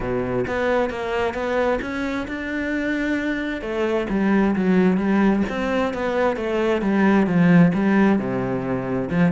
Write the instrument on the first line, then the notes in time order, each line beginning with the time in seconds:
cello
0.00 B2
0.47 B3
0.90 A#3
1.33 B3
1.81 C#4
2.27 D4
3.61 A3
4.09 G3
4.55 F#3
4.97 G3
5.49 C4
5.93 B3
6.36 A3
6.81 G3
7.26 F3
7.74 G3
8.18 C3
9.10 F3